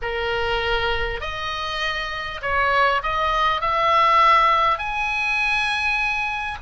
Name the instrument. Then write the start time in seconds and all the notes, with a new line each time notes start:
oboe
0.02 A#4
1.20 D#5
2.42 C#5
3.02 D#5
3.61 E5
4.78 G#5